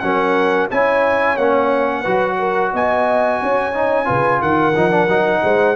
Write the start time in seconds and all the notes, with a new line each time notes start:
0.00 F#3 C#4 A#4 F#5
0.71 C#4 E4 C#5 G#5
1.37 A#3 C#4 F#5
2.01 F#3 F#4 B4
2.39 A#4
2.74 B3 D#5 G#5
3.43 C#4 C#5
3.74 D#4
4.06 C#3 F4 B4
4.41 D#3 A#4 F#5
4.76 F3 D#4
4.91 D4
5.08 F#3 D#4
5.44 G#3 C5